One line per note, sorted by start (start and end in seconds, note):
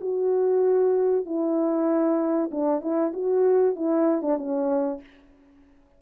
0.00 1.25 F#4
1.25 2.50 E4
2.51 2.81 D4
2.81 3.12 E4
3.13 3.75 F#4
3.75 4.22 E4
4.22 4.37 D4
4.38 5.00 C#4